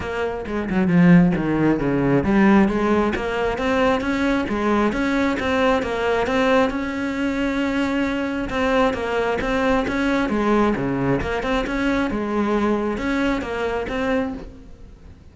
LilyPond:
\new Staff \with { instrumentName = "cello" } { \time 4/4 \tempo 4 = 134 ais4 gis8 fis8 f4 dis4 | cis4 g4 gis4 ais4 | c'4 cis'4 gis4 cis'4 | c'4 ais4 c'4 cis'4~ |
cis'2. c'4 | ais4 c'4 cis'4 gis4 | cis4 ais8 c'8 cis'4 gis4~ | gis4 cis'4 ais4 c'4 | }